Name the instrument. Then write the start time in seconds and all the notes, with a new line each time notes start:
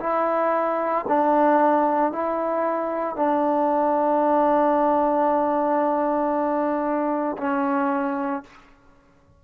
trombone
0.00 E4
1.08 D4
2.12 E4
3.16 D4
7.37 C#4